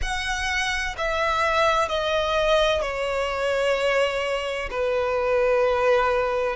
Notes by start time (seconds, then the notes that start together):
0.02 F#5
0.97 E5
1.88 D#5
2.81 C#5
4.70 B4